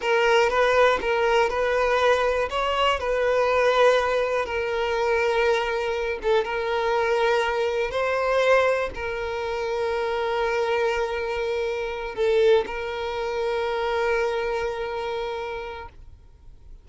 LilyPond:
\new Staff \with { instrumentName = "violin" } { \time 4/4 \tempo 4 = 121 ais'4 b'4 ais'4 b'4~ | b'4 cis''4 b'2~ | b'4 ais'2.~ | ais'8 a'8 ais'2. |
c''2 ais'2~ | ais'1~ | ais'8 a'4 ais'2~ ais'8~ | ais'1 | }